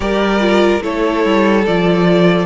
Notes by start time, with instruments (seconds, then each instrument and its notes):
0.00 cello G3, viola G4, violin A#4 D5
0.39 viola F4
0.81 cello A3, viola E4, violin A4 C#5
1.25 cello G3
1.66 cello F3, viola F4, violin D5